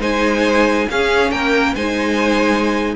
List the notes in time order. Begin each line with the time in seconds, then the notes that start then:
0.00 G#3 D#4 C5 G#5
0.91 C#4 G#4 F5
1.32 A#3 A#4 G5
1.75 G#3 D#4 C5 G#5